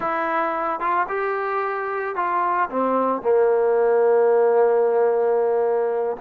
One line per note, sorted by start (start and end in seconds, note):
0.00 0.80 E4
0.80 1.06 F4
1.08 2.15 G4
2.15 2.69 F4
2.70 3.22 C4
3.22 6.16 A#3